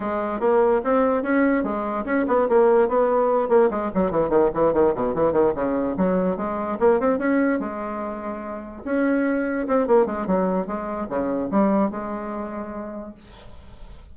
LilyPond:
\new Staff \with { instrumentName = "bassoon" } { \time 4/4 \tempo 4 = 146 gis4 ais4 c'4 cis'4 | gis4 cis'8 b8 ais4 b4~ | b8 ais8 gis8 fis8 e8 dis8 e8 dis8 | b,8 e8 dis8 cis4 fis4 gis8~ |
gis8 ais8 c'8 cis'4 gis4.~ | gis4. cis'2 c'8 | ais8 gis8 fis4 gis4 cis4 | g4 gis2. | }